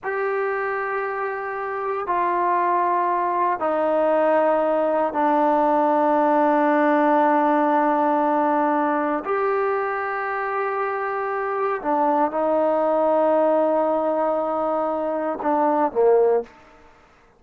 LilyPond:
\new Staff \with { instrumentName = "trombone" } { \time 4/4 \tempo 4 = 117 g'1 | f'2. dis'4~ | dis'2 d'2~ | d'1~ |
d'2 g'2~ | g'2. d'4 | dis'1~ | dis'2 d'4 ais4 | }